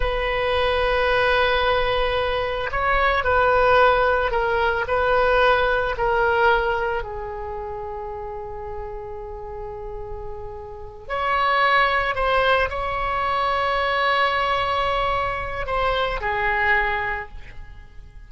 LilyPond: \new Staff \with { instrumentName = "oboe" } { \time 4/4 \tempo 4 = 111 b'1~ | b'4 cis''4 b'2 | ais'4 b'2 ais'4~ | ais'4 gis'2.~ |
gis'1~ | gis'8 cis''2 c''4 cis''8~ | cis''1~ | cis''4 c''4 gis'2 | }